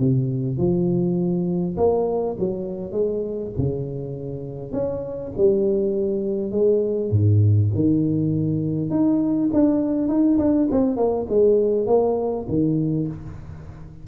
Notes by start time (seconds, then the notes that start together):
0.00 C3
0.58 F3
1.78 A#3
2.40 F#3
2.92 G#3
3.58 C#3
4.73 C#4
5.38 G3
6.52 G#3
7.11 G#2
7.75 D#3
8.91 D#4
9.53 D4
10.09 D#4
10.39 D4
10.72 C4
10.97 A#3
11.30 G#3
11.87 A#3
12.49 D#3